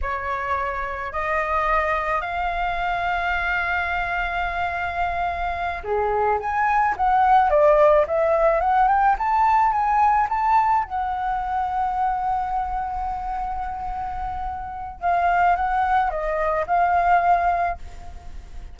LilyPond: \new Staff \with { instrumentName = "flute" } { \time 4/4 \tempo 4 = 108 cis''2 dis''2 | f''1~ | f''2~ f''8 gis'4 gis''8~ | gis''8 fis''4 d''4 e''4 fis''8 |
g''8 a''4 gis''4 a''4 fis''8~ | fis''1~ | fis''2. f''4 | fis''4 dis''4 f''2 | }